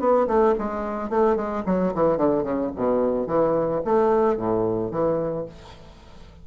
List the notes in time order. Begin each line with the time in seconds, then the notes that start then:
0.00 B3
0.28 A3
0.59 G#3
1.10 A3
1.36 G#3
1.66 F#3
1.95 E3
2.17 D3
2.43 C#3
2.76 B2
3.27 E3
3.85 A3
4.37 A2
4.91 E3